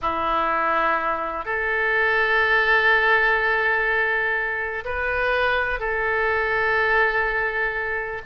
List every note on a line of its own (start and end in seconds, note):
0.01 1.45 E4
1.45 4.84 A4
4.84 5.79 B4
5.79 8.21 A4